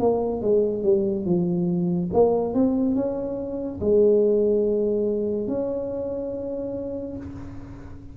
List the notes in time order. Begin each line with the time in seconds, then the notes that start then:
0.00 A#3
0.42 G#3
0.84 G3
1.26 F3
2.14 A#3
2.54 C4
2.95 C#4
3.81 G#3
5.48 C#4